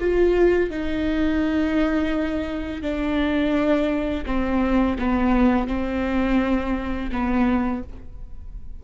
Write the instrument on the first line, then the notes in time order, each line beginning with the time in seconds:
viola
0.00 F4
0.70 D#4
2.82 D4
4.26 C4
4.99 B3
5.68 C4
7.12 B3